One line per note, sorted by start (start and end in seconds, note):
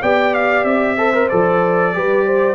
0.00 0.64 B3
0.00 0.97 G4
0.00 0.96 D5
0.00 0.34 G5
0.34 0.64 F5
0.64 1.28 C4
0.64 1.28 E5
0.97 1.13 A4
0.97 1.93 C5
1.13 1.29 A#4
1.29 1.96 F3
1.29 1.94 A4
1.29 2.54 D5
1.94 2.54 G3
1.94 2.54 G4
1.94 2.26 B4
2.26 2.54 C5